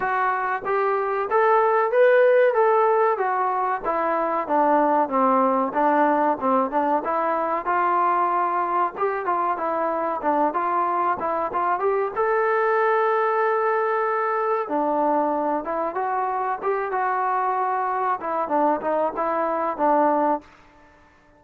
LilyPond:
\new Staff \with { instrumentName = "trombone" } { \time 4/4 \tempo 4 = 94 fis'4 g'4 a'4 b'4 | a'4 fis'4 e'4 d'4 | c'4 d'4 c'8 d'8 e'4 | f'2 g'8 f'8 e'4 |
d'8 f'4 e'8 f'8 g'8 a'4~ | a'2. d'4~ | d'8 e'8 fis'4 g'8 fis'4.~ | fis'8 e'8 d'8 dis'8 e'4 d'4 | }